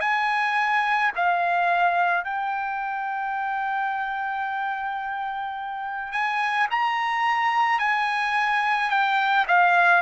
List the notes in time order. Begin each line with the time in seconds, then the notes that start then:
0.00 G#5
1.16 F5
2.24 G5
6.12 G#5
6.71 A#5
7.79 G#5
8.90 G5
9.48 F5